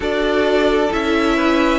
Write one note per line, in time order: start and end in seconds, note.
0.00 0.89 D4
0.00 0.90 F#4
0.00 1.36 A4
0.00 0.92 D5
0.91 1.78 C#4
0.91 1.78 E4
0.91 1.78 E5
1.36 1.78 B4